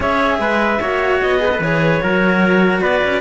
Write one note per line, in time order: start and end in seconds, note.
0.00 0.38 C#4
0.00 0.79 G#4
0.00 0.39 C#5
0.00 1.21 E5
0.38 0.79 G#3
0.38 0.80 B4
0.80 1.21 A#3
0.80 1.39 F#4
0.80 1.40 C#5
1.21 1.59 B3
1.21 1.61 D#5
1.39 1.49 G#4
1.39 2.03 B4
1.51 1.61 A4
1.59 1.99 E3
1.59 2.00 G#4
1.59 2.81 C#5
2.00 2.80 F#3
2.00 3.21 F#4
2.00 2.81 A#4
2.80 3.01 B3
2.80 3.21 B4
2.80 3.21 D5
3.04 3.21 C#4